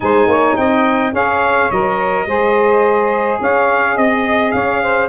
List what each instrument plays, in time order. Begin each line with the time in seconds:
0.00 tuba G#3, saxophone D#4 C5, trumpet G#5
0.27 tuba A#3, saxophone C#5
0.56 tuba C4, saxophone D#5, trumpet G5
1.12 tuba C#4, saxophone G#4 C#5, trumpet F5
1.70 tuba F#3, saxophone A#4, trumpet D#5
2.26 tuba G#3, saxophone G#4 C5
3.41 tuba C#4, saxophone C#5, trumpet F5
3.95 tuba C4, saxophone D#5, trumpet D#5
4.51 tuba C#4, saxophone C#5, trumpet F5
4.81 saxophone C5